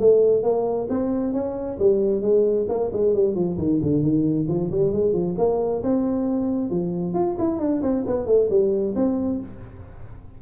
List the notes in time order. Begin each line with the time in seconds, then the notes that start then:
0.00 A3
0.43 A#3
0.90 C4
1.33 C#4
1.79 G3
2.21 G#3
2.69 A#3
2.93 G#3
3.14 G3
3.35 F3
3.58 D#3
3.82 D3
4.02 D#3
4.48 F3
4.71 G3
4.92 G#3
5.13 F3
5.38 A#3
5.83 C4
6.70 F3
7.14 F4
7.39 E4
7.59 D4
7.82 C4
8.07 B3
8.26 A3
8.50 G3
8.96 C4